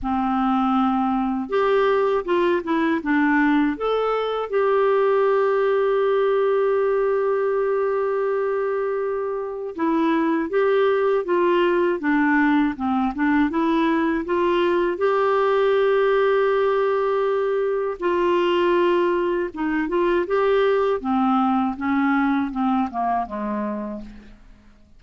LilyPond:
\new Staff \with { instrumentName = "clarinet" } { \time 4/4 \tempo 4 = 80 c'2 g'4 f'8 e'8 | d'4 a'4 g'2~ | g'1~ | g'4 e'4 g'4 f'4 |
d'4 c'8 d'8 e'4 f'4 | g'1 | f'2 dis'8 f'8 g'4 | c'4 cis'4 c'8 ais8 gis4 | }